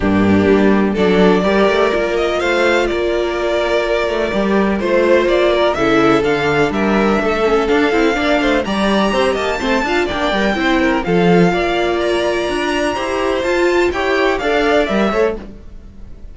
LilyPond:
<<
  \new Staff \with { instrumentName = "violin" } { \time 4/4 \tempo 4 = 125 g'2 d''2~ | d''8 dis''8 f''4 d''2~ | d''2 c''4 d''4 | e''4 f''4 e''2 |
f''2 ais''4. a''8~ | a''4 g''2 f''4~ | f''4 ais''2. | a''4 g''4 f''4 e''4 | }
  \new Staff \with { instrumentName = "violin" } { \time 4/4 d'2 a'4 ais'4~ | ais'4 c''4 ais'2~ | ais'2 c''4. ais'8 | a'2 ais'4 a'4~ |
a'4 d''8 c''8 d''4 c''8 dis''8 | c''8 f''8 d''4 c''8 ais'8 a'4 | d''2. c''4~ | c''4 cis''4 d''4. cis''8 | }
  \new Staff \with { instrumentName = "viola" } { \time 4/4 ais2 d'4 g'4 | f'1~ | f'4 g'4 f'2 | e'4 d'2~ d'8 cis'8 |
d'8 e'8 d'4 g'2 | c'8 f'8 d'8 ais'8 e'4 f'4~ | f'2. g'4 | f'4 g'4 a'4 ais'8 a'8 | }
  \new Staff \with { instrumentName = "cello" } { \time 4/4 g,4 g4 fis4 g8 a8 | ais4 a4 ais2~ | ais8 a8 g4 a4 ais4 | cis4 d4 g4 a4 |
d'8 c'8 ais8 a8 g4 c'8 ais8 | a8 d'8 ais8 g8 c'4 f4 | ais2 d'4 e'4 | f'4 e'4 d'4 g8 a8 | }
>>